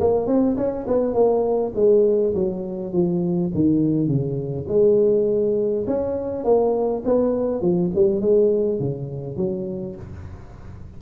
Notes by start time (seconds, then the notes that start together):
0.00 A#3
0.27 C4
0.57 C#4
0.87 B3
1.14 A#3
1.75 G#3
2.34 F#3
2.93 F3
3.54 D#3
4.07 C#3
4.68 G#3
5.87 C#4
6.44 A#3
7.05 B3
7.61 F3
7.95 G3
8.21 G#3
8.79 C#3
9.37 F#3